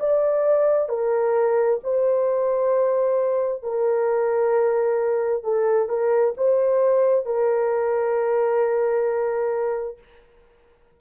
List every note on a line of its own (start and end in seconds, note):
0.00 0.89 D5
0.89 1.80 A#4
1.84 3.63 C5
3.63 5.44 A#4
5.44 5.89 A4
5.89 6.35 A#4
6.38 7.26 C5
7.26 9.99 A#4